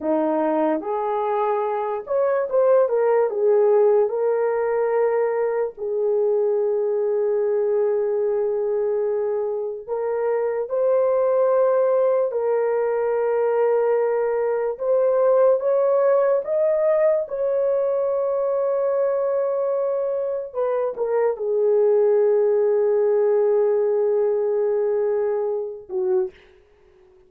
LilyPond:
\new Staff \with { instrumentName = "horn" } { \time 4/4 \tempo 4 = 73 dis'4 gis'4. cis''8 c''8 ais'8 | gis'4 ais'2 gis'4~ | gis'1 | ais'4 c''2 ais'4~ |
ais'2 c''4 cis''4 | dis''4 cis''2.~ | cis''4 b'8 ais'8 gis'2~ | gis'2.~ gis'8 fis'8 | }